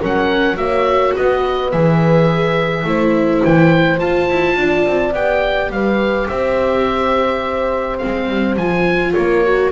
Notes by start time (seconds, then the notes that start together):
0.00 F#3 C#4 A#4 F#5
0.56 A#3 F#4 C#5 E5
1.16 B3 B4 D#5
1.72 E3 G#4 E5
2.85 A3 E4 C5
3.45 E3 G5
3.98 F4 A5
4.30 E4
4.57 D4 D5
4.87 C4
5.13 B3 G4 G5
5.70 G3 B4 F5
6.29 C4 C5 E5
7.98 C4 F5
8.05 G#3
8.29 G3
8.57 F3 F4 G#5
9.14 A#3 A#4 C#5
9.45 F#4